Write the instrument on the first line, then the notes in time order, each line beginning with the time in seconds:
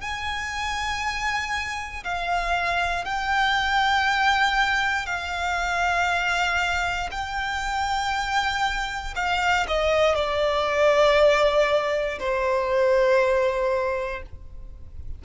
violin
0.00 G#5
2.04 F5
3.04 G5
5.06 F5
7.11 G5
9.15 F5
9.67 D#5
10.15 D5
12.19 C5